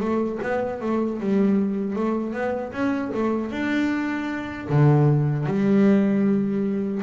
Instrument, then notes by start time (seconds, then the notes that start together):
double bass
0.00 A3
0.43 B3
0.81 A3
1.20 G3
1.96 A3
2.33 B3
2.72 C#4
3.14 A3
3.51 D4
4.69 D3
5.46 G3